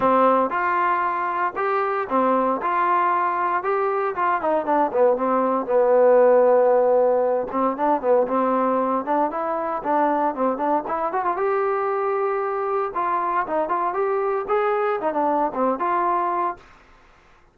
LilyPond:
\new Staff \with { instrumentName = "trombone" } { \time 4/4 \tempo 4 = 116 c'4 f'2 g'4 | c'4 f'2 g'4 | f'8 dis'8 d'8 b8 c'4 b4~ | b2~ b8 c'8 d'8 b8 |
c'4. d'8 e'4 d'4 | c'8 d'8 e'8 fis'16 f'16 g'2~ | g'4 f'4 dis'8 f'8 g'4 | gis'4 dis'16 d'8. c'8 f'4. | }